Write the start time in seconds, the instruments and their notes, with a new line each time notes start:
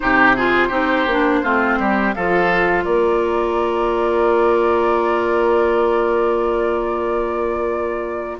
0.00 bassoon C3, clarinet D#4, oboe G4, flute C5
0.36 clarinet F4, oboe G#4
0.68 bassoon C4, clarinet D#4, oboe G4
1.06 bassoon A#3, clarinet D4
1.43 bassoon A3, clarinet C4, oboe F4
1.79 bassoon G3, oboe G4
2.14 bassoon F3, clarinet F4, oboe A4, flute F5
2.84 bassoon A#3, oboe A#4, flute D5